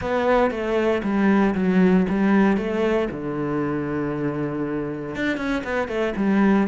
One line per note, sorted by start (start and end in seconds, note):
0.01 0.50 B3
0.50 1.01 A3
1.03 1.54 G3
1.55 2.06 F#3
2.09 2.57 G3
2.57 3.08 A3
3.10 5.15 D3
5.15 5.37 D4
5.37 5.62 C#4
5.63 5.88 B3
5.88 6.13 A3
6.16 6.67 G3